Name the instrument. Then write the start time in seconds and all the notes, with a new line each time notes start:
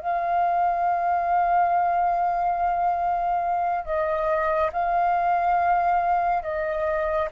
flute
0.00 F5
3.85 D#5
4.73 F5
6.44 D#5